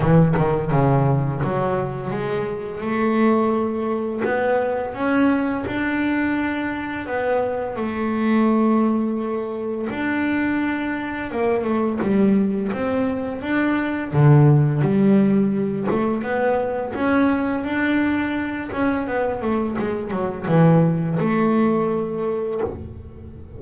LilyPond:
\new Staff \with { instrumentName = "double bass" } { \time 4/4 \tempo 4 = 85 e8 dis8 cis4 fis4 gis4 | a2 b4 cis'4 | d'2 b4 a4~ | a2 d'2 |
ais8 a8 g4 c'4 d'4 | d4 g4. a8 b4 | cis'4 d'4. cis'8 b8 a8 | gis8 fis8 e4 a2 | }